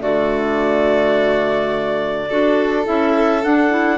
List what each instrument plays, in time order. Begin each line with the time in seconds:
0.00 bassoon D3, clarinet A3 D5, violin F#4
2.29 bassoon D4, clarinet F#4, violin A4
2.85 bassoon C#4, clarinet E4 E5
3.44 clarinet D4 F#5, bassoon D4
3.71 clarinet E4